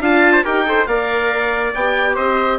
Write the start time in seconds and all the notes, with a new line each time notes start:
0.00 D4 F4 F5 A5
0.32 C5
0.43 D#4 G4 A#4 G5
0.66 A4 C5
0.86 A#3 A#4 D5 F5
1.74 B3 G4 G5
2.14 C4 C5 D#5